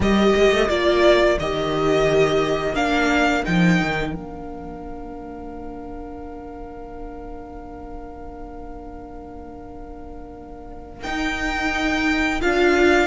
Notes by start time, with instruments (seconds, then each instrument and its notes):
0.00 cello G3, viola G4, violin A#4 D#5
0.35 cello G#3
0.51 cello A3
0.69 cello A#3, viola F4, violin D5
1.39 cello D#3, viola G4, violin D#5
2.73 cello A#3, viola D4, violin F5
3.44 cello F3, viola D#4, violin G5
3.81 cello D#3
4.13 cello A#3, viola D4, violin F5
11.02 viola D#4, cello D#4, violin G5
12.40 cello D4, viola F4, violin F5